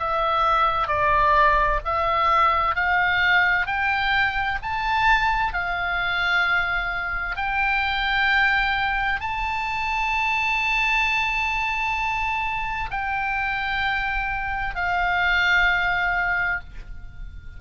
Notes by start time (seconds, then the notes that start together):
0.00 E5
0.88 D5
1.85 E5
2.76 F5
3.67 G5
4.63 A5
5.53 F5
7.37 G5
9.21 A5
12.91 G5
14.76 F5